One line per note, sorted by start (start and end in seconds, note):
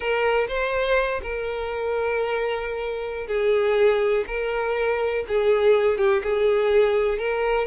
0.00 0.47 A#4
0.48 1.21 C5
1.22 3.27 A#4
3.27 4.24 G#4
4.27 5.24 A#4
5.27 5.98 G#4
5.98 6.22 G4
6.23 7.18 G#4
7.18 7.67 A#4